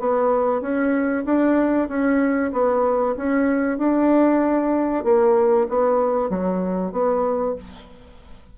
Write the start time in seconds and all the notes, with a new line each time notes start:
0.00 B3
0.61 C#4
1.25 D4
1.89 C#4
2.53 B3
3.17 C#4
3.78 D4
5.04 A#3
5.69 B3
6.30 F#3
6.93 B3